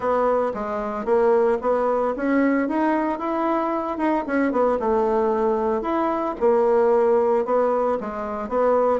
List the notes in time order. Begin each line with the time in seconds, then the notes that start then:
0.00 B3
0.54 G#3
1.05 A#3
1.61 B3
2.16 C#4
2.68 D#4
3.19 E4
3.97 D#4
4.26 C#4
4.51 B3
4.79 A3
5.81 E4
6.40 A#3
7.45 B3
8.00 G#3
8.48 B3